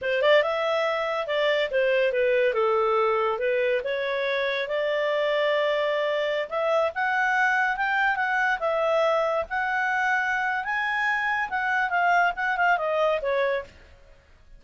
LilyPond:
\new Staff \with { instrumentName = "clarinet" } { \time 4/4 \tempo 4 = 141 c''8 d''8 e''2 d''4 | c''4 b'4 a'2 | b'4 cis''2 d''4~ | d''2.~ d''16 e''8.~ |
e''16 fis''2 g''4 fis''8.~ | fis''16 e''2 fis''4.~ fis''16~ | fis''4 gis''2 fis''4 | f''4 fis''8 f''8 dis''4 cis''4 | }